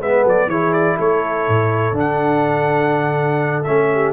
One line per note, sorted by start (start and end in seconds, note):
0.00 0.24 G#3
0.00 0.51 B3
0.00 0.22 B4
0.00 0.26 E5
0.22 0.47 F#3
0.22 0.46 A4
0.28 0.49 D5
0.47 0.96 E3
0.47 1.94 E4
0.47 0.96 G#4
0.47 0.73 C#5
0.73 0.97 D5
0.96 1.48 A3
0.96 3.89 A4
0.96 1.97 C#5
1.48 1.92 A2
1.92 3.62 D3
1.92 3.65 D4
1.99 3.63 F#5
3.63 4.13 A3
3.63 4.13 C#4
3.63 4.12 E5
3.93 4.13 G4